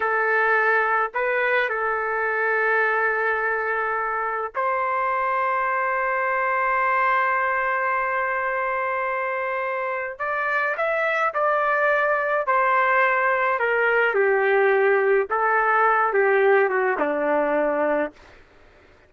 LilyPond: \new Staff \with { instrumentName = "trumpet" } { \time 4/4 \tempo 4 = 106 a'2 b'4 a'4~ | a'1 | c''1~ | c''1~ |
c''2 d''4 e''4 | d''2 c''2 | ais'4 g'2 a'4~ | a'8 g'4 fis'8 d'2 | }